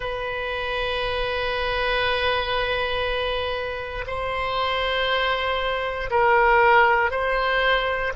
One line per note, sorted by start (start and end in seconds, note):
0.00 4.04 B4
4.06 6.10 C5
6.10 7.10 A#4
7.10 8.12 C5